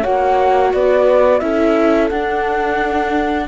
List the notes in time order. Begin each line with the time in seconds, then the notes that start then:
0.00 A#3 F#4 C#5 F#5
0.73 B3 B4 D5
1.39 C#4 E4 A4 E5
2.09 D4 F#5